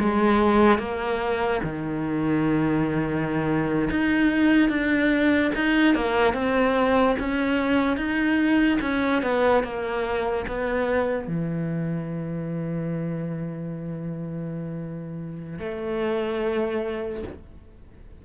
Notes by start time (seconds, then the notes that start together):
0.00 G#3
0.79 A#3
1.64 D#3
3.91 D#4
4.70 D4
5.56 D#4
5.95 A#3
6.34 C4
7.20 C#4
7.97 D#4
8.82 C#4
9.23 B3
9.64 A#3
10.48 B3
11.28 E3
15.59 A3